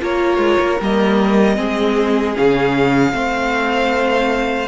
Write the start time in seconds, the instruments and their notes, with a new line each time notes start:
0.00 cello A#3, viola F4, violin A#4 C#5
0.37 cello G#3
0.60 cello A#3
0.80 cello G3, viola A#3, violin D#5
1.56 cello G#3, viola C4, violin G#4
2.34 cello C#3, viola C#4, violin F5
3.12 cello A3, viola C4, violin C5